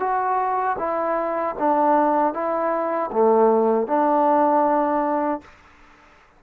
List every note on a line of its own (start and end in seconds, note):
0.00 0.77 F#4
0.79 1.56 E4
1.59 2.34 D4
2.34 3.11 E4
3.13 3.88 A3
3.88 5.42 D4